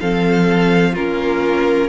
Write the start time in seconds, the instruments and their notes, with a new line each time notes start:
0.00 cello F3, viola C4, violin A4 F5
0.92 cello A#3, viola C#4, violin F4 A#4